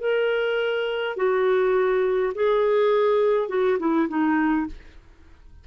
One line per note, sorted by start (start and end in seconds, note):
0.00 1.17 A#4
1.17 2.33 F#4
2.34 3.49 G#4
3.49 3.78 F#4
3.79 4.08 E4
4.09 4.67 D#4